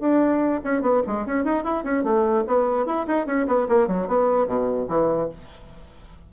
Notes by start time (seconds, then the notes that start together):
0.00 D4
0.64 C#4
0.82 B3
1.07 G#3
1.26 C#4
1.44 D#4
1.64 E4
1.84 C#4
2.04 A3
2.47 B3
2.86 E4
3.07 D#4
3.26 C#4
3.47 B3
3.69 A#3
3.88 F#3
4.08 B3
4.47 B2
4.88 E3